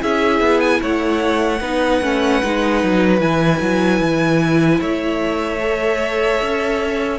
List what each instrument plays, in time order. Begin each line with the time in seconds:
0.00 cello C#4, viola E4, violin G#4 E5
0.41 cello B3
0.61 violin G#5
0.82 cello A3, violin C#5 F#5
1.61 cello B3, viola D#4, violin B4
2.02 cello A3, viola C#4
2.43 cello G#3, viola D#4
2.84 cello F#3
3.20 cello E3, viola E4, violin G#5
3.62 cello F#3
4.00 cello E3
4.81 cello A3, violin C#5 E5
5.60 viola A4
6.43 cello C#4